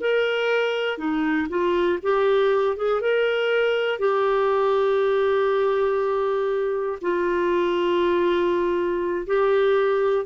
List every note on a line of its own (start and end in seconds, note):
0.00 0.97 A#4
0.97 1.47 D#4
1.49 1.99 F4
2.02 2.76 G4
2.76 3.00 G#4
3.00 3.99 A#4
3.99 6.99 G4
7.01 9.26 F4
9.26 10.25 G4